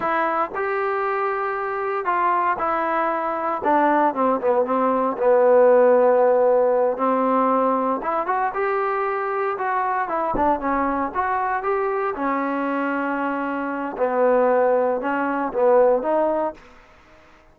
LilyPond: \new Staff \with { instrumentName = "trombone" } { \time 4/4 \tempo 4 = 116 e'4 g'2. | f'4 e'2 d'4 | c'8 b8 c'4 b2~ | b4. c'2 e'8 |
fis'8 g'2 fis'4 e'8 | d'8 cis'4 fis'4 g'4 cis'8~ | cis'2. b4~ | b4 cis'4 b4 dis'4 | }